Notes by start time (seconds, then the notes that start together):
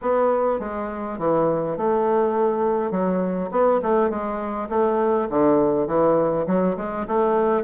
0.01 B3
0.59 G#3
1.18 E3
1.77 A3
2.91 F#3
3.51 B3
3.82 A3
4.10 G#3
4.69 A3
5.29 D3
5.87 E3
6.47 F#3
6.76 G#3
7.07 A3